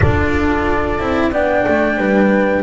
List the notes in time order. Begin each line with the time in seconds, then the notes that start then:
0.00 D4 F4 A4 D5
0.98 C4 E4
1.31 B3 D4 D5 G5
1.67 A3
1.97 G3 B4